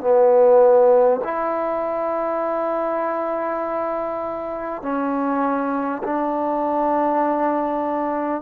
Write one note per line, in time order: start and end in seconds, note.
0.00 1.20 B3
1.23 4.82 E4
4.82 6.02 C#4
6.03 8.42 D4